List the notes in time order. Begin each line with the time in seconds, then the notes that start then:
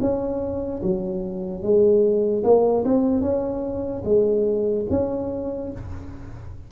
0.00 C#4
0.82 F#3
1.62 G#3
2.43 A#3
2.84 C4
3.21 C#4
4.04 G#3
4.90 C#4